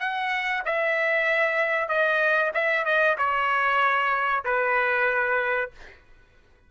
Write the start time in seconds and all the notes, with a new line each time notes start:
0.00 F#5
0.65 E5
1.89 D#5
2.54 E5
2.85 D#5
3.18 C#5
4.44 B4